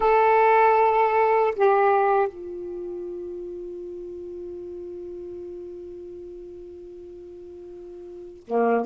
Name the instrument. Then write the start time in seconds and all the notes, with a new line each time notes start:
saxophone
0.00 A4
1.55 G4
2.27 F4
8.47 A#3